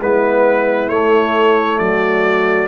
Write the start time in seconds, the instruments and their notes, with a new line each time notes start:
0.00 tuba G#3, trombone B3, horn E4, trumpet B4
0.89 tuba A3, trombone A3, trumpet C#5
1.78 tuba F#3, horn F#4, trumpet D5